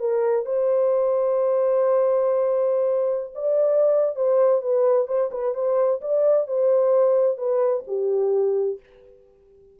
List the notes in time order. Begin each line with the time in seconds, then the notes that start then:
0.00 A#4
0.46 C5
3.35 D5
4.16 C5
4.62 B4
5.08 C5
5.32 B4
5.55 C5
6.01 D5
6.48 C5
7.38 B4
7.88 G4